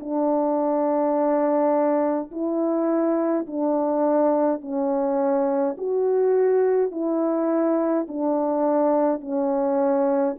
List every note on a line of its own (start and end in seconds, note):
0.00 2.31 D4
2.31 3.47 E4
3.47 4.62 D4
4.62 5.77 C#4
5.77 6.92 F#4
6.92 8.07 E4
8.08 9.21 D4
9.21 10.36 C#4